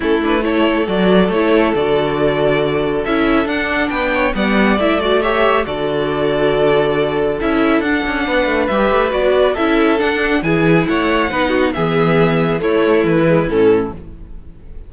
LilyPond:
<<
  \new Staff \with { instrumentName = "violin" } { \time 4/4 \tempo 4 = 138 a'8 b'8 cis''4 d''4 cis''4 | d''2. e''4 | fis''4 g''4 fis''4 e''8 d''8 | e''4 d''2.~ |
d''4 e''4 fis''2 | e''4 d''4 e''4 fis''4 | gis''4 fis''2 e''4~ | e''4 cis''4 b'4 a'4 | }
  \new Staff \with { instrumentName = "violin" } { \time 4/4 e'4 a'2.~ | a'1~ | a'4 b'8 cis''8 d''2 | cis''4 a'2.~ |
a'2. b'4~ | b'2 a'2 | gis'4 cis''4 b'8 fis'8 gis'4~ | gis'4 e'2. | }
  \new Staff \with { instrumentName = "viola" } { \time 4/4 cis'8 d'8 e'4 fis'4 e'4 | fis'2. e'4 | d'2 b4 e'8 fis'8 | g'4 fis'2.~ |
fis'4 e'4 d'2 | g'4 fis'4 e'4 d'4 | e'2 dis'4 b4~ | b4 a4. gis8 cis'4 | }
  \new Staff \with { instrumentName = "cello" } { \time 4/4 a2 fis4 a4 | d2. cis'4 | d'4 b4 g4 a4~ | a4 d2.~ |
d4 cis'4 d'8 cis'8 b8 a8 | g8 a8 b4 cis'4 d'4 | e4 a4 b4 e4~ | e4 a4 e4 a,4 | }
>>